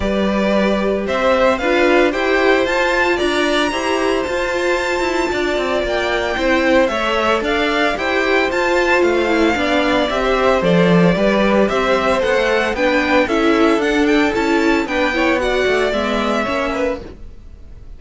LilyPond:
<<
  \new Staff \with { instrumentName = "violin" } { \time 4/4 \tempo 4 = 113 d''2 e''4 f''4 | g''4 a''4 ais''2 | a''2. g''4~ | g''4 e''4 f''4 g''4 |
a''4 f''2 e''4 | d''2 e''4 fis''4 | g''4 e''4 fis''8 g''8 a''4 | g''4 fis''4 e''2 | }
  \new Staff \with { instrumentName = "violin" } { \time 4/4 b'2 c''4 b'4 | c''2 d''4 c''4~ | c''2 d''2 | c''4 cis''4 d''4 c''4~ |
c''2 d''4~ d''16 c''8.~ | c''4 b'4 c''2 | b'4 a'2. | b'8 cis''8 d''2 cis''8 b'8 | }
  \new Staff \with { instrumentName = "viola" } { \time 4/4 g'2. f'4 | g'4 f'2 g'4 | f'1 | e'4 a'2 g'4 |
f'4. e'8 d'4 g'4 | a'4 g'2 a'4 | d'4 e'4 d'4 e'4 | d'8 e'8 fis'4 b4 cis'4 | }
  \new Staff \with { instrumentName = "cello" } { \time 4/4 g2 c'4 d'4 | e'4 f'4 d'4 e'4 | f'4. e'8 d'8 c'8 ais4 | c'4 a4 d'4 e'4 |
f'4 a4 b4 c'4 | f4 g4 c'4 b16 a8. | b4 cis'4 d'4 cis'4 | b4. a8 gis4 ais4 | }
>>